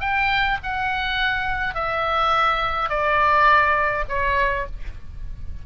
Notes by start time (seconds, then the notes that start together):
0.00 G5
0.63 F#5
1.75 E5
2.89 D5
4.08 C#5